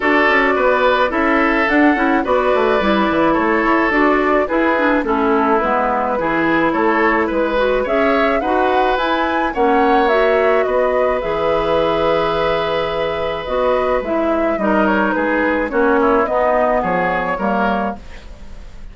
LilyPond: <<
  \new Staff \with { instrumentName = "flute" } { \time 4/4 \tempo 4 = 107 d''2 e''4 fis''4 | d''2 cis''4 d''4 | b'4 a'4 b'2 | cis''4 b'4 e''4 fis''4 |
gis''4 fis''4 e''4 dis''4 | e''1 | dis''4 e''4 dis''8 cis''8 b'4 | cis''4 dis''4 cis''2 | }
  \new Staff \with { instrumentName = "oboe" } { \time 4/4 a'4 b'4 a'2 | b'2 a'2 | gis'4 e'2 gis'4 | a'4 b'4 cis''4 b'4~ |
b'4 cis''2 b'4~ | b'1~ | b'2 ais'4 gis'4 | fis'8 e'8 dis'4 gis'4 ais'4 | }
  \new Staff \with { instrumentName = "clarinet" } { \time 4/4 fis'2 e'4 d'8 e'8 | fis'4 e'2 fis'4 | e'8 d'8 cis'4 b4 e'4~ | e'4. fis'8 gis'4 fis'4 |
e'4 cis'4 fis'2 | gis'1 | fis'4 e'4 dis'2 | cis'4 b2 ais4 | }
  \new Staff \with { instrumentName = "bassoon" } { \time 4/4 d'8 cis'8 b4 cis'4 d'8 cis'8 | b8 a8 g8 e8 a8 e'8 d'4 | e'4 a4 gis4 e4 | a4 gis4 cis'4 dis'4 |
e'4 ais2 b4 | e1 | b4 gis4 g4 gis4 | ais4 b4 f4 g4 | }
>>